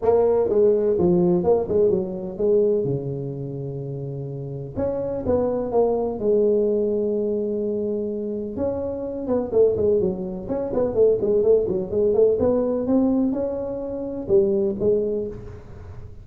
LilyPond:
\new Staff \with { instrumentName = "tuba" } { \time 4/4 \tempo 4 = 126 ais4 gis4 f4 ais8 gis8 | fis4 gis4 cis2~ | cis2 cis'4 b4 | ais4 gis2.~ |
gis2 cis'4. b8 | a8 gis8 fis4 cis'8 b8 a8 gis8 | a8 fis8 gis8 a8 b4 c'4 | cis'2 g4 gis4 | }